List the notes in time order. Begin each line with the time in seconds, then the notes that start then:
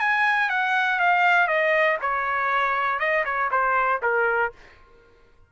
0.00 G#5
0.50 F#5
1.00 F5
1.47 D#5
2.01 C#5
3.00 D#5
3.25 C#5
3.51 C5
4.02 A#4